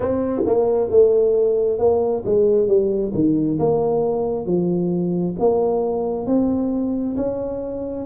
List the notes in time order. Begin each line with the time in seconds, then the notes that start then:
0.00 C4
0.46 A#3
0.90 A3
1.78 A#3
2.25 G#3
2.67 G3
3.13 D#3
3.59 A#3
4.45 F3
5.39 A#3
6.26 C4
7.16 C#4